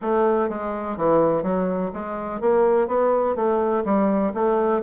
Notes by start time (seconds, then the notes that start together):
0.01 A3
0.49 G#3
0.96 E3
1.43 F#3
1.93 G#3
2.40 A#3
2.87 B3
3.35 A3
3.84 G3
4.34 A3